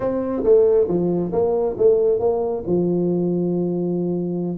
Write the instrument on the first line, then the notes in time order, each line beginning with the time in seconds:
tuba
0.00 C4
0.43 A3
0.87 F3
1.32 A#3
1.77 A3
2.19 A#3
2.66 F3